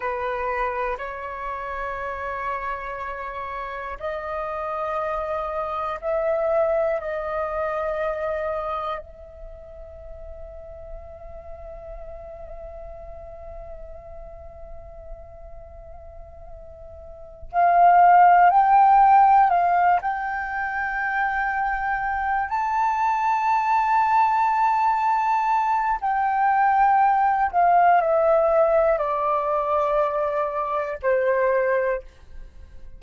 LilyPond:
\new Staff \with { instrumentName = "flute" } { \time 4/4 \tempo 4 = 60 b'4 cis''2. | dis''2 e''4 dis''4~ | dis''4 e''2.~ | e''1~ |
e''4. f''4 g''4 f''8 | g''2~ g''8 a''4.~ | a''2 g''4. f''8 | e''4 d''2 c''4 | }